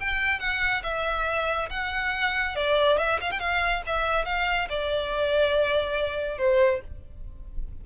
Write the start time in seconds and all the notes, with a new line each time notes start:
0.00 G5
0.40 F#5
0.84 E5
1.70 F#5
2.56 D5
2.99 E5
3.21 F5
3.32 G5
3.40 F5
3.87 E5
4.26 F5
4.70 D5
6.38 C5